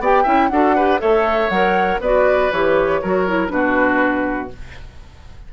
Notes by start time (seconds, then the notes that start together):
0.00 B3 G4 D5 G5
0.23 C#4 E4 E5
0.49 D4 F#4 A4 F#5
0.76 G4 B4
0.99 A3 A4 C#5 E5
1.50 F#3 A#4 F#5
2.01 B3 F#4 B4 D5
2.52 E3 G4 C#5
3.02 F#3 F#4 A#4
3.27 E4
3.49 B2 D4 F#4 B4